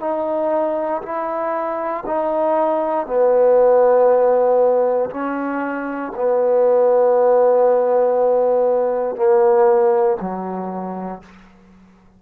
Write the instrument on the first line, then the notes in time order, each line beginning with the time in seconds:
trombone
0.00 D#4
1.02 E4
2.06 D#4
3.06 B3
5.10 C#4
6.15 B3
9.16 A#3
10.21 F#3